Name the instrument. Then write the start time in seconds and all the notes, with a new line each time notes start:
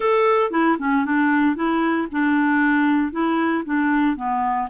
clarinet
0.00 A4
0.51 E4
0.78 C#4
1.05 D4
1.55 E4
2.11 D4
3.12 E4
3.65 D4
4.16 B3